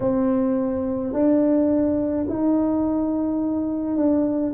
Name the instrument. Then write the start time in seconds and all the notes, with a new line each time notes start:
tuba
0.00 C4
1.13 D4
2.28 D#4
3.96 D4